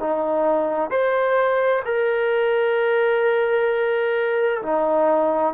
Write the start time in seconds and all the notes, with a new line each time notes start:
0.00 D#4
0.91 C5
1.85 A#4
4.63 D#4